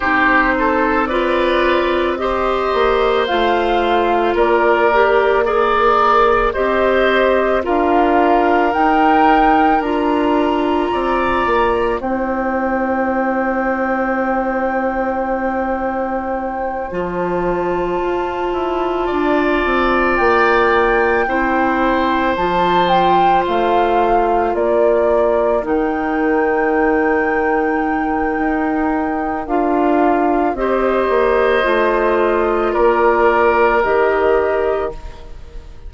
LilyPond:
<<
  \new Staff \with { instrumentName = "flute" } { \time 4/4 \tempo 4 = 55 c''4 d''4 dis''4 f''4 | d''4 ais'4 dis''4 f''4 | g''4 ais''2 g''4~ | g''2.~ g''8 a''8~ |
a''2~ a''8 g''4.~ | g''8 a''8 g''8 f''4 d''4 g''8~ | g''2. f''4 | dis''2 d''4 dis''4 | }
  \new Staff \with { instrumentName = "oboe" } { \time 4/4 g'8 a'8 b'4 c''2 | ais'4 d''4 c''4 ais'4~ | ais'2 d''4 c''4~ | c''1~ |
c''4. d''2 c''8~ | c''2~ c''8 ais'4.~ | ais'1 | c''2 ais'2 | }
  \new Staff \with { instrumentName = "clarinet" } { \time 4/4 dis'4 f'4 g'4 f'4~ | f'8 g'8 gis'4 g'4 f'4 | dis'4 f'2 e'4~ | e'2.~ e'8 f'8~ |
f'2.~ f'8 e'8~ | e'8 f'2. dis'8~ | dis'2. f'4 | g'4 f'2 g'4 | }
  \new Staff \with { instrumentName = "bassoon" } { \time 4/4 c'2~ c'8 ais8 a4 | ais2 c'4 d'4 | dis'4 d'4 c'8 ais8 c'4~ | c'2.~ c'8 f8~ |
f8 f'8 e'8 d'8 c'8 ais4 c'8~ | c'8 f4 a4 ais4 dis8~ | dis2 dis'4 d'4 | c'8 ais8 a4 ais4 dis4 | }
>>